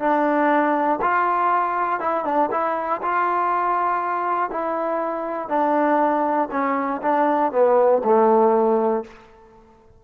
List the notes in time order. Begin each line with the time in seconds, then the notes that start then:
0.00 D4
1.02 F4
2.00 E4
2.25 D4
2.52 E4
3.02 F4
4.51 E4
5.49 D4
6.51 C#4
7.02 D4
7.52 B3
8.04 A3